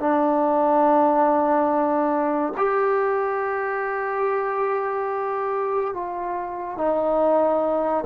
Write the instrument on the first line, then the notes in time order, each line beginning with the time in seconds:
trombone
0.00 D4
2.57 G4
5.94 F4
6.78 D#4